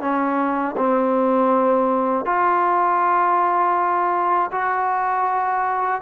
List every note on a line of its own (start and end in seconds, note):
0.00 0.75 C#4
0.76 2.25 C4
2.25 4.50 F4
4.51 6.01 F#4